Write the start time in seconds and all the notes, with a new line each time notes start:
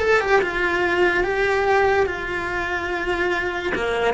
0.00 A4
0.21 G4
0.42 F4
1.24 G4
2.06 F4
3.75 A#3